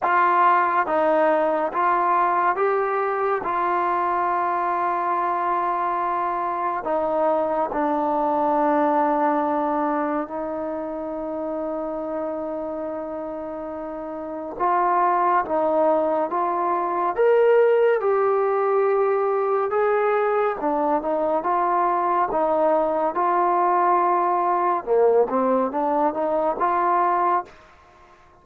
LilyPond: \new Staff \with { instrumentName = "trombone" } { \time 4/4 \tempo 4 = 70 f'4 dis'4 f'4 g'4 | f'1 | dis'4 d'2. | dis'1~ |
dis'4 f'4 dis'4 f'4 | ais'4 g'2 gis'4 | d'8 dis'8 f'4 dis'4 f'4~ | f'4 ais8 c'8 d'8 dis'8 f'4 | }